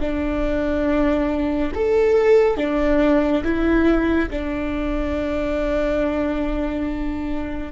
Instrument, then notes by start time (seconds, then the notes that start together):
viola
0.00 D4
1.75 A4
2.57 D4
3.44 E4
4.30 D4